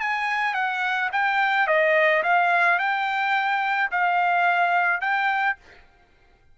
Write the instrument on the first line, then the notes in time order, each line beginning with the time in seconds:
trumpet
0.00 G#5
0.54 F#5
1.12 G5
1.67 D#5
2.23 F5
2.79 G5
3.91 F5
5.01 G5